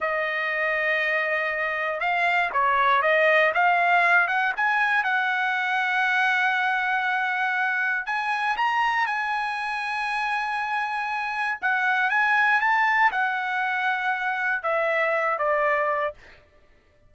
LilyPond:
\new Staff \with { instrumentName = "trumpet" } { \time 4/4 \tempo 4 = 119 dis''1 | f''4 cis''4 dis''4 f''4~ | f''8 fis''8 gis''4 fis''2~ | fis''1 |
gis''4 ais''4 gis''2~ | gis''2. fis''4 | gis''4 a''4 fis''2~ | fis''4 e''4. d''4. | }